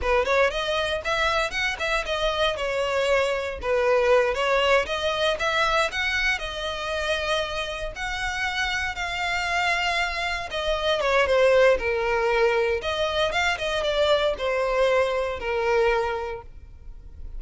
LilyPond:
\new Staff \with { instrumentName = "violin" } { \time 4/4 \tempo 4 = 117 b'8 cis''8 dis''4 e''4 fis''8 e''8 | dis''4 cis''2 b'4~ | b'8 cis''4 dis''4 e''4 fis''8~ | fis''8 dis''2. fis''8~ |
fis''4. f''2~ f''8~ | f''8 dis''4 cis''8 c''4 ais'4~ | ais'4 dis''4 f''8 dis''8 d''4 | c''2 ais'2 | }